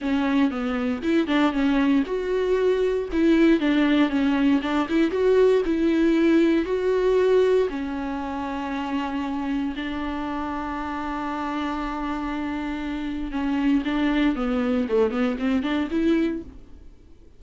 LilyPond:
\new Staff \with { instrumentName = "viola" } { \time 4/4 \tempo 4 = 117 cis'4 b4 e'8 d'8 cis'4 | fis'2 e'4 d'4 | cis'4 d'8 e'8 fis'4 e'4~ | e'4 fis'2 cis'4~ |
cis'2. d'4~ | d'1~ | d'2 cis'4 d'4 | b4 a8 b8 c'8 d'8 e'4 | }